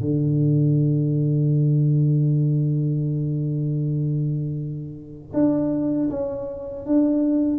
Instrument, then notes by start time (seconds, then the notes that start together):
tuba
0.00 D3
5.33 D4
6.10 C#4
6.86 D4